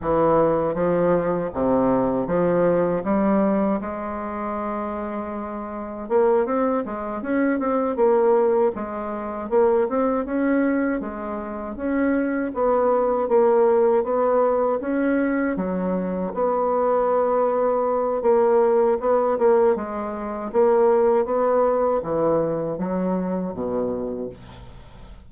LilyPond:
\new Staff \with { instrumentName = "bassoon" } { \time 4/4 \tempo 4 = 79 e4 f4 c4 f4 | g4 gis2. | ais8 c'8 gis8 cis'8 c'8 ais4 gis8~ | gis8 ais8 c'8 cis'4 gis4 cis'8~ |
cis'8 b4 ais4 b4 cis'8~ | cis'8 fis4 b2~ b8 | ais4 b8 ais8 gis4 ais4 | b4 e4 fis4 b,4 | }